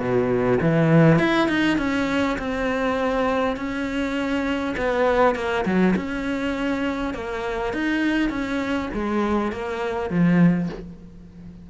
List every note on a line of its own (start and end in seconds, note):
0.00 0.59 B2
0.61 1.19 E3
1.19 1.49 E4
1.49 1.78 D#4
1.78 2.38 C#4
2.39 3.57 C4
3.57 4.76 C#4
4.77 5.35 B3
5.35 5.65 A#3
5.65 5.95 F#3
5.96 7.14 C#4
7.14 7.73 A#3
7.73 8.30 D#4
8.30 8.89 C#4
8.94 9.52 G#3
9.52 10.10 A#3
10.10 10.70 F3